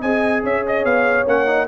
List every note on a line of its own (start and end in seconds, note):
0.00 0.43 C4
0.00 1.26 G#4
0.00 0.42 D#5
0.00 0.43 G#5
0.43 0.84 C#4
0.43 1.68 C#5
0.43 0.66 E5
0.67 0.85 D#5
0.84 1.26 B3
0.84 1.27 F5
1.26 1.68 A#3
1.26 1.46 C#4
1.26 1.68 F#5
1.46 1.67 D#4